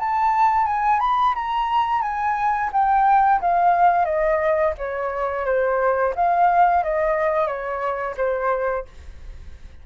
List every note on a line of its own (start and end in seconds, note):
0.00 0.67 A5
0.67 1.00 G#5
1.00 1.35 B5
1.36 2.02 A#5
2.02 2.71 G#5
2.73 3.41 G5
3.42 4.06 F5
4.06 4.74 D#5
4.78 5.46 C#5
5.46 6.14 C5
6.16 6.84 F5
6.84 7.48 D#5
7.48 8.16 C#5
8.18 8.86 C5